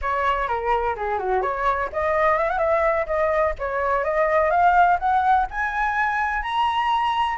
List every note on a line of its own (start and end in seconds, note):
0.01 0.48 C#5
0.48 0.95 A#4
0.96 1.18 G#4
1.18 1.42 F#4
1.42 1.89 C#5
1.92 2.37 D#5
2.37 2.49 E5
2.50 2.58 F#5
2.58 3.05 E5
3.06 3.54 D#5
3.58 4.03 C#5
4.03 4.50 D#5
4.50 4.97 F5
4.99 5.46 F#5
5.50 6.42 G#5
6.42 7.37 A#5